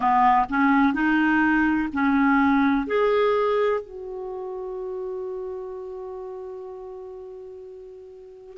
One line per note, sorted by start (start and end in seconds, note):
0.00 0.45 B3
0.48 0.93 C#4
0.93 1.88 D#4
1.92 2.87 C#4
2.87 3.81 G#4
3.81 8.57 F#4